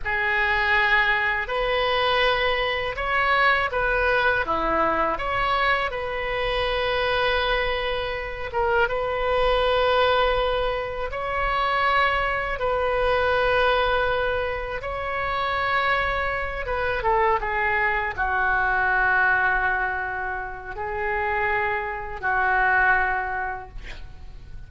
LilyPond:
\new Staff \with { instrumentName = "oboe" } { \time 4/4 \tempo 4 = 81 gis'2 b'2 | cis''4 b'4 e'4 cis''4 | b'2.~ b'8 ais'8 | b'2. cis''4~ |
cis''4 b'2. | cis''2~ cis''8 b'8 a'8 gis'8~ | gis'8 fis'2.~ fis'8 | gis'2 fis'2 | }